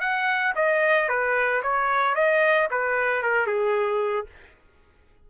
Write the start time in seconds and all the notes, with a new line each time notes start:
0.00 F#5
0.55 D#5
1.08 B4
1.62 C#5
2.15 D#5
2.70 B4
3.22 A#4
3.46 G#4